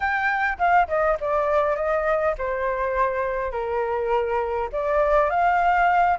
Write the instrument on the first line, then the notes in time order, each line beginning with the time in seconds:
flute
0.00 G5
0.58 F5
0.88 D#5
1.20 D5
1.76 D#5
2.38 C5
3.51 A#4
4.72 D5
5.29 F5